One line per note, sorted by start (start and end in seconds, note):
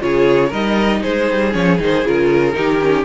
0.00 0.53 C#3
0.00 0.51 F4
0.00 0.49 G#4
0.00 0.53 C#5
0.49 1.03 G3
0.49 1.52 D#4
0.49 1.00 A#4
0.49 1.03 D#5
1.03 1.31 G#3
1.03 2.56 G#4
1.03 1.53 C5
1.31 1.55 G3
1.52 1.80 F3
1.52 1.78 C#4
1.52 1.79 C#5
1.79 2.05 D#3
1.79 2.04 D#4
1.79 2.07 C5
2.05 2.56 C#3
2.05 2.53 F4
2.05 3.06 A#4
2.53 3.06 D#3
2.53 2.79 D#4
2.53 3.06 G4
2.82 3.06 C#4